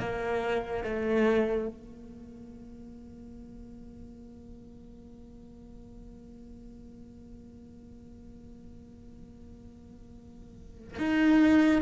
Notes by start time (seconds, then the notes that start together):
0.00 A#3
0.84 A3
1.69 A#3
10.99 D#4